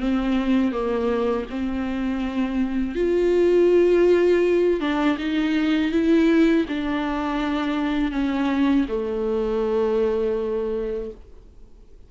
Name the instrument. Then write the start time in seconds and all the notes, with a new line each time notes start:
viola
0.00 C4
0.72 A#3
1.50 C4
2.95 F4
4.80 D4
5.18 D#4
5.92 E4
6.68 D4
8.12 C#4
8.89 A3